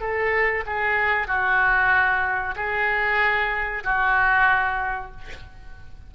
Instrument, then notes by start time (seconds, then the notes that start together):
oboe
0.00 A4
0.66 G#4
1.27 F#4
2.56 G#4
3.84 F#4